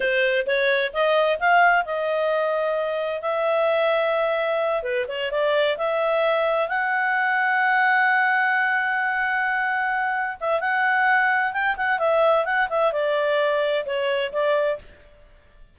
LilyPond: \new Staff \with { instrumentName = "clarinet" } { \time 4/4 \tempo 4 = 130 c''4 cis''4 dis''4 f''4 | dis''2. e''4~ | e''2~ e''8 b'8 cis''8 d''8~ | d''8 e''2 fis''4.~ |
fis''1~ | fis''2~ fis''8 e''8 fis''4~ | fis''4 g''8 fis''8 e''4 fis''8 e''8 | d''2 cis''4 d''4 | }